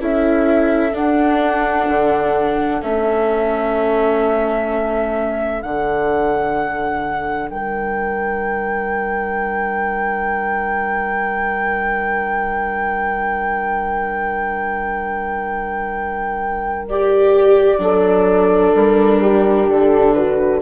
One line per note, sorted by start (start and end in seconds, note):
0.00 0.93 C#4
0.00 0.93 E4
0.00 7.51 A4
0.00 0.96 E5
0.93 2.80 D4
0.93 1.87 D4
0.93 2.82 F#5
1.88 2.82 D3
2.82 5.64 A3
2.82 5.61 C#4
2.82 5.62 E5
5.61 7.50 D3
5.61 16.86 D4
5.61 7.50 F#5
7.50 17.79 G3
7.50 17.82 A#4
7.50 16.88 G5
16.88 17.79 G4
16.88 18.76 D5
17.79 18.72 F#3
17.79 20.60 D4
17.79 19.21 A4
18.75 19.69 G3
18.75 19.69 A#4
19.21 20.15 G4
19.69 20.62 D3
19.69 20.14 A4
20.14 20.62 F#4
20.14 20.61 B4